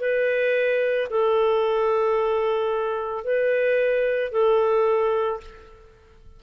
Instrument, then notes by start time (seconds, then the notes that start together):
clarinet
0.00 B4
1.10 A4
3.24 B4
4.32 A4